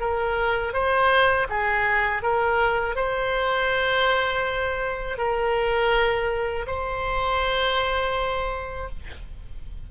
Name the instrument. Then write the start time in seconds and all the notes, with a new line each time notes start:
oboe
0.00 A#4
0.73 C5
1.49 G#4
2.22 A#4
2.96 C5
5.18 A#4
6.67 C5